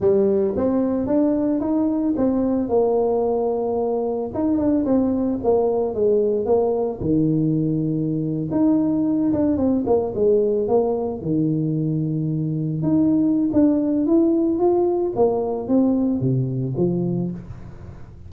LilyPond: \new Staff \with { instrumentName = "tuba" } { \time 4/4 \tempo 4 = 111 g4 c'4 d'4 dis'4 | c'4 ais2. | dis'8 d'8 c'4 ais4 gis4 | ais4 dis2~ dis8. dis'16~ |
dis'4~ dis'16 d'8 c'8 ais8 gis4 ais16~ | ais8. dis2. dis'16~ | dis'4 d'4 e'4 f'4 | ais4 c'4 c4 f4 | }